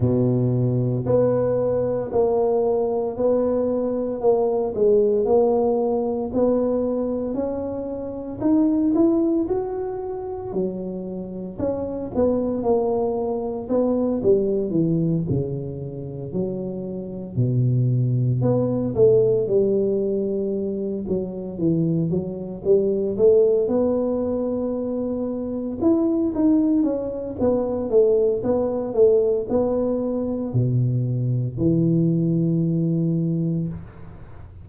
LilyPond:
\new Staff \with { instrumentName = "tuba" } { \time 4/4 \tempo 4 = 57 b,4 b4 ais4 b4 | ais8 gis8 ais4 b4 cis'4 | dis'8 e'8 fis'4 fis4 cis'8 b8 | ais4 b8 g8 e8 cis4 fis8~ |
fis8 b,4 b8 a8 g4. | fis8 e8 fis8 g8 a8 b4.~ | b8 e'8 dis'8 cis'8 b8 a8 b8 a8 | b4 b,4 e2 | }